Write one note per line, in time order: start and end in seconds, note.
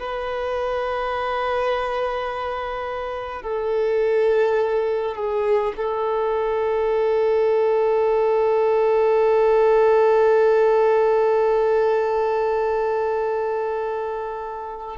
0.00 3.42 B4
3.42 5.16 A4
5.16 5.73 G#4
5.77 14.98 A4